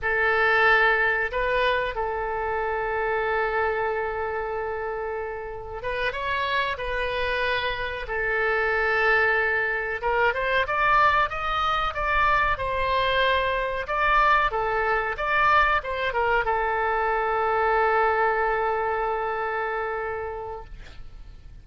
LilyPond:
\new Staff \with { instrumentName = "oboe" } { \time 4/4 \tempo 4 = 93 a'2 b'4 a'4~ | a'1~ | a'4 b'8 cis''4 b'4.~ | b'8 a'2. ais'8 |
c''8 d''4 dis''4 d''4 c''8~ | c''4. d''4 a'4 d''8~ | d''8 c''8 ais'8 a'2~ a'8~ | a'1 | }